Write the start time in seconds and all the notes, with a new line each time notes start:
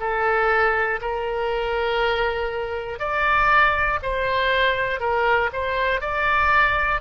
0.00 A4
1.01 A#4
3.00 D5
4.03 C5
5.00 A#4
5.53 C5
6.00 D5